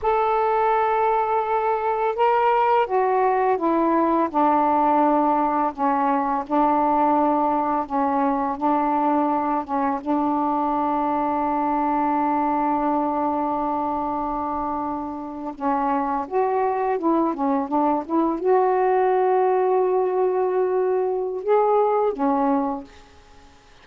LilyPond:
\new Staff \with { instrumentName = "saxophone" } { \time 4/4 \tempo 4 = 84 a'2. ais'4 | fis'4 e'4 d'2 | cis'4 d'2 cis'4 | d'4. cis'8 d'2~ |
d'1~ | d'4.~ d'16 cis'4 fis'4 e'16~ | e'16 cis'8 d'8 e'8 fis'2~ fis'16~ | fis'2 gis'4 cis'4 | }